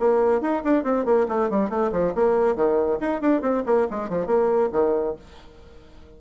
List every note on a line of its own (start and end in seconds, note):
0.00 0.42 A#3
0.42 0.63 D#4
0.64 0.84 D4
0.84 1.06 C4
1.06 1.28 A#3
1.29 1.50 A3
1.50 1.70 G3
1.70 1.92 A3
1.92 2.14 F3
2.15 2.56 A#3
2.56 2.99 D#3
3.01 3.22 D#4
3.22 3.42 D4
3.42 3.64 C4
3.67 3.88 A#3
3.91 4.10 G#3
4.10 4.27 F3
4.27 4.70 A#3
4.73 5.16 D#3